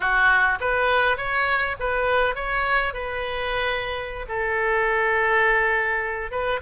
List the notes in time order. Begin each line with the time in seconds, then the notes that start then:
0.00 F#4
0.60 B4
1.17 C#5
1.79 B4
2.35 C#5
2.93 B4
4.28 A4
6.31 B4